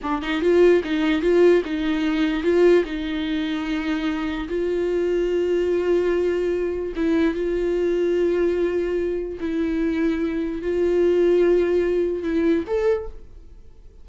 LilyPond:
\new Staff \with { instrumentName = "viola" } { \time 4/4 \tempo 4 = 147 d'8 dis'8 f'4 dis'4 f'4 | dis'2 f'4 dis'4~ | dis'2. f'4~ | f'1~ |
f'4 e'4 f'2~ | f'2. e'4~ | e'2 f'2~ | f'2 e'4 a'4 | }